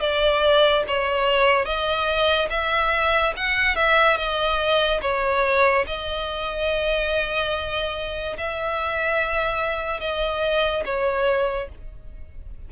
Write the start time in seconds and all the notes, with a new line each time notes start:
0.00 D5
0.87 C#5
1.65 D#5
2.50 E5
3.36 F#5
3.75 E5
4.17 D#5
5.02 C#5
5.87 D#5
8.37 E5
10.00 D#5
10.85 C#5